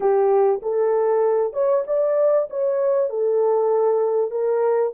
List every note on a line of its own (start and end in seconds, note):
0.00 0.60 G4
0.62 1.53 A4
1.53 1.84 C#5
1.86 2.48 D5
2.50 3.09 C#5
3.09 4.30 A4
4.30 4.92 A#4